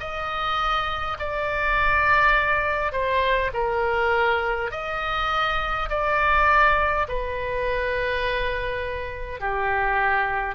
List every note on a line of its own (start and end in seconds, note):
0.00 1.18 D#5
1.19 2.92 D5
2.92 3.51 C5
3.53 4.71 A#4
4.71 5.89 D#5
5.89 7.07 D5
7.08 9.40 B4
9.40 10.55 G4